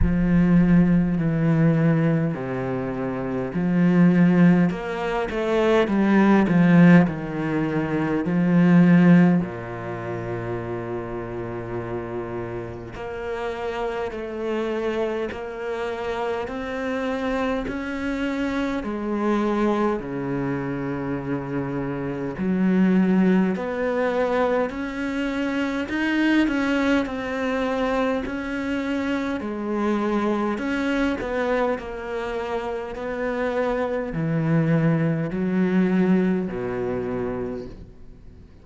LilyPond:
\new Staff \with { instrumentName = "cello" } { \time 4/4 \tempo 4 = 51 f4 e4 c4 f4 | ais8 a8 g8 f8 dis4 f4 | ais,2. ais4 | a4 ais4 c'4 cis'4 |
gis4 cis2 fis4 | b4 cis'4 dis'8 cis'8 c'4 | cis'4 gis4 cis'8 b8 ais4 | b4 e4 fis4 b,4 | }